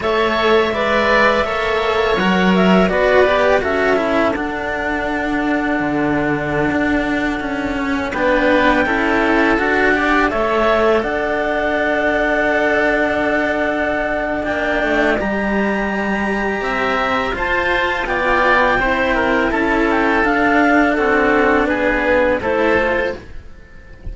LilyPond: <<
  \new Staff \with { instrumentName = "clarinet" } { \time 4/4 \tempo 4 = 83 e''2. fis''8 e''8 | d''4 e''4 fis''2~ | fis''2.~ fis''16 g''8.~ | g''4~ g''16 fis''4 e''4 fis''8.~ |
fis''1 | g''4 ais''2. | a''4 g''2 a''8 g''8 | f''4 a'4 b'4 c''4 | }
  \new Staff \with { instrumentName = "oboe" } { \time 4/4 cis''4 d''4 cis''2 | b'4 a'2.~ | a'2.~ a'16 b'8.~ | b'16 a'4. d''8 cis''4 d''8.~ |
d''1~ | d''2. e''4 | c''4 d''4 c''8 ais'8 a'4~ | a'4 fis'4 gis'4 a'4 | }
  \new Staff \with { instrumentName = "cello" } { \time 4/4 a'4 b'4 a'4 ais'4 | fis'8 g'8 fis'8 e'8 d'2~ | d'2~ d'8. cis'8 d'8.~ | d'16 e'4 fis'8 g'8 a'4.~ a'16~ |
a'1 | d'4 g'2. | f'2 e'2 | d'2. e'8 f'8 | }
  \new Staff \with { instrumentName = "cello" } { \time 4/4 a4 gis4 ais4 fis4 | b4 cis'4 d'2 | d4~ d16 d'4 cis'4 b8.~ | b16 cis'4 d'4 a4 d'8.~ |
d'1 | ais8 a8 g2 c'4 | f'4 b4 c'4 cis'4 | d'4 c'4 b4 a4 | }
>>